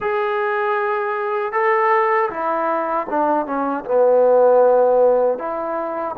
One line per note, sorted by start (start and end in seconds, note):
0.00 1.52 G#4
1.52 2.29 A4
2.30 3.07 E4
3.09 3.46 D4
3.46 3.84 C#4
3.85 5.38 B3
5.38 6.15 E4